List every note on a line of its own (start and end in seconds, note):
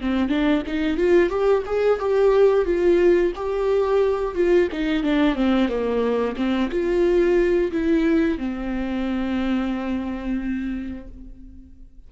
0.00 0.28 C4
0.28 0.62 D4
0.66 0.97 D#4
0.97 1.29 F4
1.29 1.63 G4
1.66 1.99 G#4
1.99 2.65 G4
2.65 3.32 F4
3.35 4.35 G4
4.35 4.68 F4
4.72 5.03 D#4
5.03 5.35 D4
5.35 5.68 C4
5.68 6.35 A#3
6.36 6.70 C4
6.70 7.71 F4
7.71 8.37 E4
8.37 11.07 C4